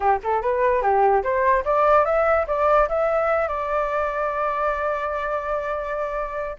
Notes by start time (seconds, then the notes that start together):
0.00 G4
0.23 A4
0.42 B4
0.81 G4
1.23 C5
1.64 D5
2.05 E5
2.47 D5
2.88 E5
3.48 D5